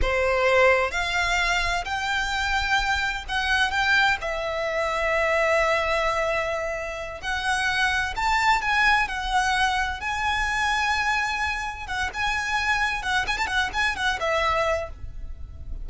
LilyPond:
\new Staff \with { instrumentName = "violin" } { \time 4/4 \tempo 4 = 129 c''2 f''2 | g''2. fis''4 | g''4 e''2.~ | e''2.~ e''8 fis''8~ |
fis''4. a''4 gis''4 fis''8~ | fis''4. gis''2~ gis''8~ | gis''4. fis''8 gis''2 | fis''8 gis''16 a''16 fis''8 gis''8 fis''8 e''4. | }